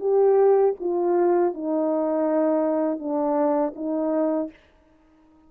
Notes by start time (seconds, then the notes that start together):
0.00 G4
0.80 F4
1.54 D#4
2.99 D4
3.75 D#4